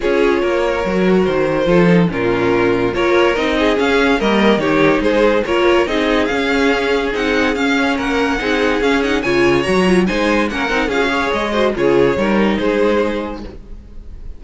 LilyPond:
<<
  \new Staff \with { instrumentName = "violin" } { \time 4/4 \tempo 4 = 143 cis''2. c''4~ | c''4 ais'2 cis''4 | dis''4 f''4 dis''4 cis''4 | c''4 cis''4 dis''4 f''4~ |
f''4 fis''4 f''4 fis''4~ | fis''4 f''8 fis''8 gis''4 ais''4 | gis''4 fis''4 f''4 dis''4 | cis''2 c''2 | }
  \new Staff \with { instrumentName = "violin" } { \time 4/4 gis'4 ais'2. | a'4 f'2 ais'4~ | ais'8 gis'4. ais'4 g'4 | gis'4 ais'4 gis'2~ |
gis'2. ais'4 | gis'2 cis''2 | c''4 ais'4 gis'8 cis''4 c''8 | gis'4 ais'4 gis'2 | }
  \new Staff \with { instrumentName = "viola" } { \time 4/4 f'2 fis'2 | f'8 dis'8 cis'2 f'4 | dis'4 cis'4 ais4 dis'4~ | dis'4 f'4 dis'4 cis'4~ |
cis'4 dis'4 cis'2 | dis'4 cis'8 dis'8 f'4 fis'8 f'8 | dis'4 cis'8 dis'8 f'16 fis'16 gis'4 fis'8 | f'4 dis'2. | }
  \new Staff \with { instrumentName = "cello" } { \time 4/4 cis'4 ais4 fis4 dis4 | f4 ais,2 ais4 | c'4 cis'4 g4 dis4 | gis4 ais4 c'4 cis'4~ |
cis'4 c'4 cis'4 ais4 | c'4 cis'4 cis4 fis4 | gis4 ais8 c'8 cis'4 gis4 | cis4 g4 gis2 | }
>>